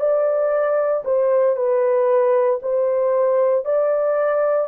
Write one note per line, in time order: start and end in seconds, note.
0.00 1.03 D5
1.05 1.57 C5
1.57 2.60 B4
2.62 3.65 C5
3.65 4.68 D5